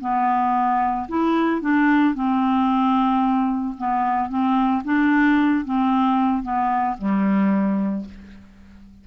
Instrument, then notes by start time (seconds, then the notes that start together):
clarinet
0.00 B3
1.08 E4
1.61 D4
2.14 C4
3.78 B3
4.29 C4
4.84 D4
5.64 C4
6.43 B3
6.98 G3